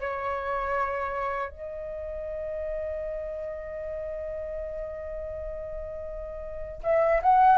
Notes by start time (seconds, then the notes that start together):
0.00 C#5
1.49 D#5
6.83 E5
7.22 F#5